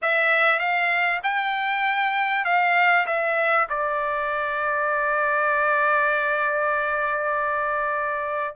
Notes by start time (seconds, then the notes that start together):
0.02 E5
0.59 F5
1.23 G5
2.44 F5
3.06 E5
3.69 D5